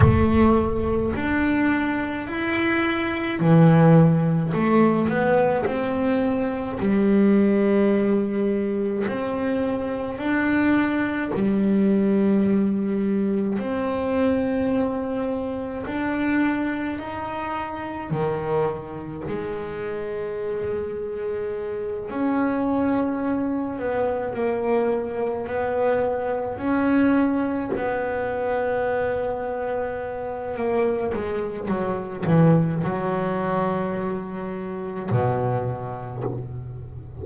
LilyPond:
\new Staff \with { instrumentName = "double bass" } { \time 4/4 \tempo 4 = 53 a4 d'4 e'4 e4 | a8 b8 c'4 g2 | c'4 d'4 g2 | c'2 d'4 dis'4 |
dis4 gis2~ gis8 cis'8~ | cis'4 b8 ais4 b4 cis'8~ | cis'8 b2~ b8 ais8 gis8 | fis8 e8 fis2 b,4 | }